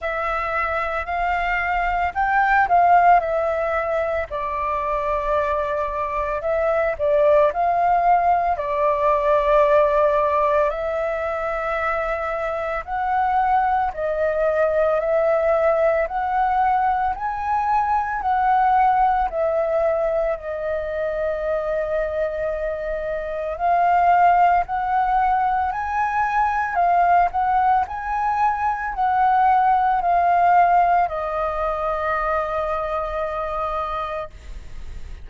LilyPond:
\new Staff \with { instrumentName = "flute" } { \time 4/4 \tempo 4 = 56 e''4 f''4 g''8 f''8 e''4 | d''2 e''8 d''8 f''4 | d''2 e''2 | fis''4 dis''4 e''4 fis''4 |
gis''4 fis''4 e''4 dis''4~ | dis''2 f''4 fis''4 | gis''4 f''8 fis''8 gis''4 fis''4 | f''4 dis''2. | }